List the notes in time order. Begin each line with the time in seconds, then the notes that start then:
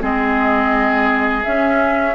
0.00 G#3 C4 G#4 D#5
1.44 C#4 E5